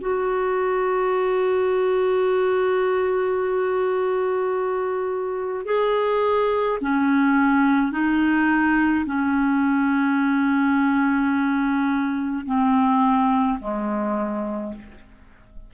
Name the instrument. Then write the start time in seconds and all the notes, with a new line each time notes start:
clarinet
0.00 F#4
5.65 G#4
6.81 C#4
7.91 D#4
9.06 C#4
12.45 C4
13.60 G#3